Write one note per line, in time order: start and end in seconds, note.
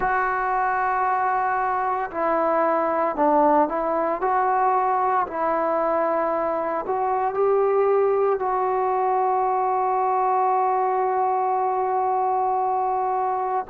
0.00 2.10 F#4
2.11 3.16 E4
3.16 3.68 D4
3.68 4.21 E4
4.21 5.26 F#4
5.27 6.85 E4
6.87 7.34 F#4
7.34 8.39 G4
8.39 13.65 F#4